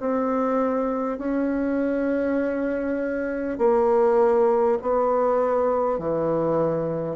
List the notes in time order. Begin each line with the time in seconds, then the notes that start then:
0.00 C4
1.18 C#4
3.58 A#3
4.82 B3
5.98 E3